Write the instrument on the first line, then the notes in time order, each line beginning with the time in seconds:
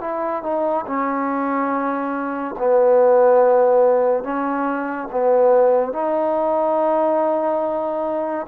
trombone
0.00 E4
0.43 D#4
0.86 C#4
2.58 B3
4.23 C#4
5.11 B3
5.92 D#4